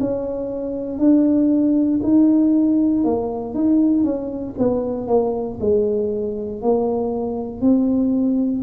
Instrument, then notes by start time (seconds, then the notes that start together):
tuba
0.00 C#4
0.98 D4
2.02 D#4
3.04 A#3
3.54 D#4
4.04 C#4
4.58 B3
5.07 A#3
5.60 G#3
6.61 A#3
7.60 C4